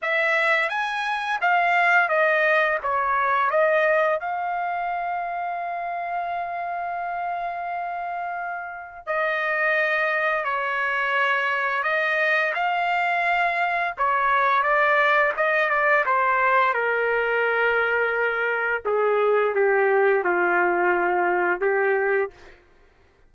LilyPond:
\new Staff \with { instrumentName = "trumpet" } { \time 4/4 \tempo 4 = 86 e''4 gis''4 f''4 dis''4 | cis''4 dis''4 f''2~ | f''1~ | f''4 dis''2 cis''4~ |
cis''4 dis''4 f''2 | cis''4 d''4 dis''8 d''8 c''4 | ais'2. gis'4 | g'4 f'2 g'4 | }